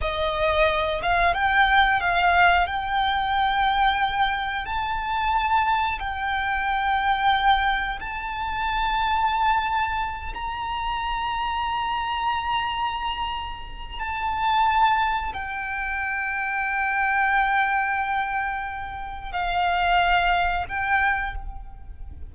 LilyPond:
\new Staff \with { instrumentName = "violin" } { \time 4/4 \tempo 4 = 90 dis''4. f''8 g''4 f''4 | g''2. a''4~ | a''4 g''2. | a''2.~ a''8 ais''8~ |
ais''1~ | ais''4 a''2 g''4~ | g''1~ | g''4 f''2 g''4 | }